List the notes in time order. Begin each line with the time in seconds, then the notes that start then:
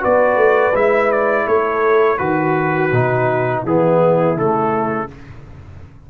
0.00 B3 F#4 B4 D5
0.36 A3
0.74 G#3 E4 E5
1.12 D5
1.47 A3 A4 C#5
2.18 D#3 F#4 B4
2.92 B2 D#4
3.63 E3 B3 E4 G#4
4.36 C#3 A3 A4